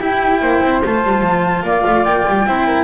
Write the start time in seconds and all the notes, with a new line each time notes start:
0.00 E4 G4 G5
0.41 A#3 C5
0.62 C4
0.85 A3 F4 A5
1.04 G3
1.22 F3
1.63 A#3 D5 F5
1.87 A3
2.05 A#3 G5
2.28 G3
2.46 C4 E4 C5
2.67 A#4